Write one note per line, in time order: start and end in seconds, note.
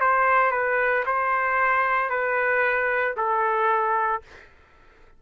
0.00 0.51 C5
0.51 1.04 B4
1.06 2.09 C5
2.09 3.14 B4
3.16 4.22 A4